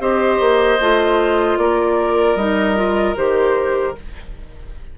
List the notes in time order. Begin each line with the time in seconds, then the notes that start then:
0.00 C4 G4 C5 D#5
0.40 A#3
0.80 A3 F4
1.58 A#3 A#4 D5
2.36 G3 D#4 D#5
2.76 F4
3.17 D#3 G4 C5